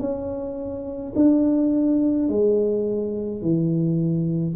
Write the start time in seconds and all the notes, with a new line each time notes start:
0.00 C#4
1.15 D4
2.29 G#3
3.42 E3